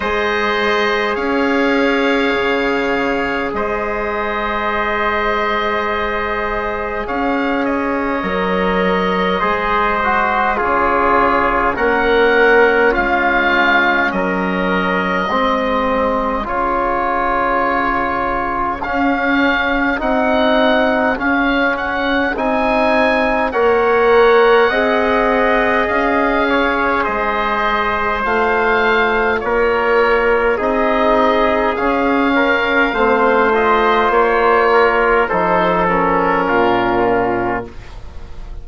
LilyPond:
<<
  \new Staff \with { instrumentName = "oboe" } { \time 4/4 \tempo 4 = 51 dis''4 f''2 dis''4~ | dis''2 f''8 dis''4.~ | dis''4 cis''4 fis''4 f''4 | dis''2 cis''2 |
f''4 fis''4 f''8 fis''8 gis''4 | fis''2 f''4 dis''4 | f''4 cis''4 dis''4 f''4~ | f''8 dis''8 cis''4 c''8 ais'4. | }
  \new Staff \with { instrumentName = "trumpet" } { \time 4/4 c''4 cis''2 c''4~ | c''2 cis''2 | c''4 gis'4 ais'4 f'4 | ais'4 gis'2.~ |
gis'1 | cis''4 dis''4. cis''8 c''4~ | c''4 ais'4 gis'4. ais'8 | c''4. ais'8 a'4 f'4 | }
  \new Staff \with { instrumentName = "trombone" } { \time 4/4 gis'1~ | gis'2. ais'4 | gis'8 fis'8 f'4 cis'2~ | cis'4 c'4 f'2 |
cis'4 dis'4 cis'4 dis'4 | ais'4 gis'2. | f'2 dis'4 cis'4 | c'8 f'4. dis'8 cis'4. | }
  \new Staff \with { instrumentName = "bassoon" } { \time 4/4 gis4 cis'4 cis4 gis4~ | gis2 cis'4 fis4 | gis4 cis4 ais4 gis4 | fis4 gis4 cis2 |
cis'4 c'4 cis'4 c'4 | ais4 c'4 cis'4 gis4 | a4 ais4 c'4 cis'4 | a4 ais4 f4 ais,4 | }
>>